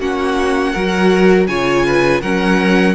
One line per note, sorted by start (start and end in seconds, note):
0.00 0.74 A#3
0.00 0.75 C#4
0.00 0.73 F#4
0.00 1.47 F#5
0.73 1.48 F#3
0.73 1.49 F#4
0.73 1.47 A#4
1.47 2.22 C#3
1.47 2.23 F4
1.47 1.86 C#5
1.47 2.21 G#5
1.86 2.21 B4
2.21 2.96 F#3
2.21 2.96 C#4
2.21 2.95 A#4
2.21 2.96 F#5